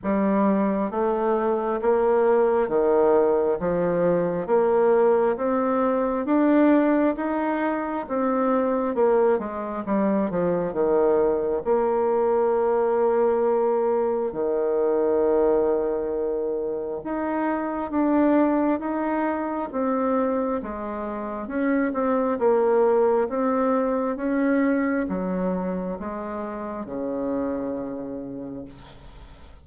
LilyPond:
\new Staff \with { instrumentName = "bassoon" } { \time 4/4 \tempo 4 = 67 g4 a4 ais4 dis4 | f4 ais4 c'4 d'4 | dis'4 c'4 ais8 gis8 g8 f8 | dis4 ais2. |
dis2. dis'4 | d'4 dis'4 c'4 gis4 | cis'8 c'8 ais4 c'4 cis'4 | fis4 gis4 cis2 | }